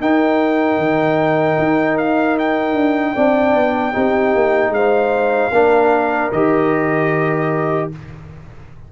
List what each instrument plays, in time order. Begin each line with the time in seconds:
0.00 tuba D#4, trombone D#4, horn A#4, trumpet G5
0.78 tuba D#3
1.58 tuba D#4
1.98 trumpet F5
2.38 trumpet G5
2.74 tuba D4
3.14 tuba C4, trombone D4, horn D5
3.54 tuba B3
3.91 tuba C4, trombone D#4, horn G4
4.34 tuba A#3
4.69 tuba G#3, horn C5, trumpet F5
5.51 tuba A#3, trombone D4, horn A#4
6.32 tuba D#3, trombone G4, trumpet D#5